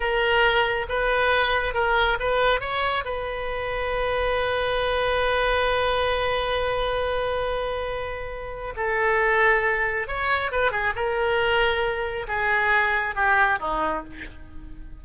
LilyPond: \new Staff \with { instrumentName = "oboe" } { \time 4/4 \tempo 4 = 137 ais'2 b'2 | ais'4 b'4 cis''4 b'4~ | b'1~ | b'1~ |
b'1 | a'2. cis''4 | b'8 gis'8 ais'2. | gis'2 g'4 dis'4 | }